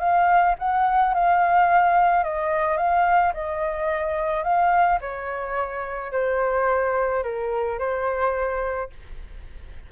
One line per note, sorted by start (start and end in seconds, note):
0.00 0.56 F5
0.59 1.14 F#5
1.14 2.24 F5
2.24 2.78 D#5
2.78 3.33 F5
3.34 4.44 D#5
4.44 5.00 F5
5.01 6.12 C#5
6.13 7.24 C5
7.24 7.79 A#4
7.79 8.90 C5